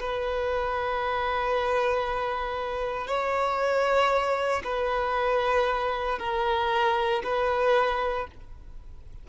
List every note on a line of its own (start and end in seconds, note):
0.00 3.07 B4
3.07 4.62 C#5
4.64 6.19 B4
6.19 7.22 A#4
7.24 8.27 B4